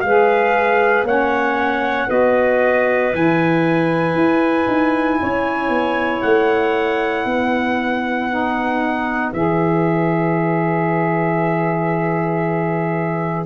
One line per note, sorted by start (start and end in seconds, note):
0.00 1.03 G#3
0.00 1.06 G#4
0.00 1.06 B4
0.00 1.03 F5
1.03 2.06 A#3
1.03 2.07 C#4
1.03 2.07 C#5
1.03 2.10 F#5
2.07 3.13 B3
2.07 3.11 F#4
2.07 5.17 B4
2.07 3.13 D#5
3.12 4.15 E3
3.12 8.29 E4
3.12 6.21 G#5
4.15 4.66 E4
4.67 5.19 D#4
5.22 5.69 C#4
5.22 7.28 C#5
5.69 6.20 B3
6.21 7.25 A3
6.21 9.32 F#5
7.25 9.32 B3
7.25 13.45 B4
8.29 9.33 D#4
9.33 13.45 E3
9.33 13.45 G#4
9.33 13.45 E5